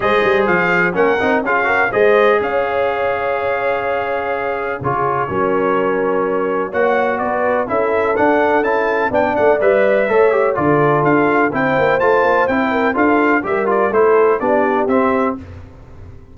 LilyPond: <<
  \new Staff \with { instrumentName = "trumpet" } { \time 4/4 \tempo 4 = 125 dis''4 f''4 fis''4 f''4 | dis''4 f''2.~ | f''2 cis''2~ | cis''2 fis''4 d''4 |
e''4 fis''4 a''4 g''8 fis''8 | e''2 d''4 f''4 | g''4 a''4 g''4 f''4 | e''8 d''8 c''4 d''4 e''4 | }
  \new Staff \with { instrumentName = "horn" } { \time 4/4 c''2 ais'4 gis'8 ais'8 | c''4 cis''2.~ | cis''2 gis'4 ais'4~ | ais'2 cis''4 b'4 |
a'2. d''4~ | d''4 cis''4 a'2 | c''2~ c''8 ais'8 a'4 | ais'4 a'4 g'2 | }
  \new Staff \with { instrumentName = "trombone" } { \time 4/4 gis'2 cis'8 dis'8 f'8 fis'8 | gis'1~ | gis'2 f'4 cis'4~ | cis'2 fis'2 |
e'4 d'4 e'4 d'4 | b'4 a'8 g'8 f'2 | e'4 f'4 e'4 f'4 | g'8 f'8 e'4 d'4 c'4 | }
  \new Staff \with { instrumentName = "tuba" } { \time 4/4 gis8 g8 f4 ais8 c'8 cis'4 | gis4 cis'2.~ | cis'2 cis4 fis4~ | fis2 ais4 b4 |
cis'4 d'4 cis'4 b8 a8 | g4 a4 d4 d'4 | c'8 ais8 a8 ais8 c'4 d'4 | g4 a4 b4 c'4 | }
>>